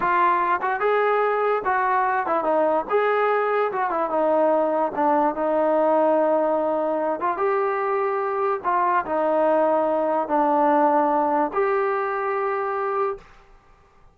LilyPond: \new Staff \with { instrumentName = "trombone" } { \time 4/4 \tempo 4 = 146 f'4. fis'8 gis'2 | fis'4. e'8 dis'4 gis'4~ | gis'4 fis'8 e'8 dis'2 | d'4 dis'2.~ |
dis'4. f'8 g'2~ | g'4 f'4 dis'2~ | dis'4 d'2. | g'1 | }